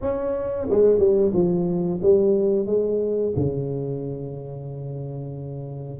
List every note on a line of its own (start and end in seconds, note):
0.01 0.68 C#4
0.70 0.98 G#3
0.98 1.32 G3
1.33 2.00 F3
2.02 2.66 G3
2.66 3.32 G#3
3.35 5.99 C#3